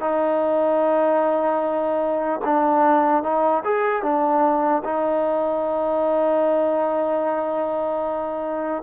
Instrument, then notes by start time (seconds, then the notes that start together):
trombone
0.00 D#4
2.44 D4
3.23 D#4
3.64 G#4
4.03 D4
4.84 D#4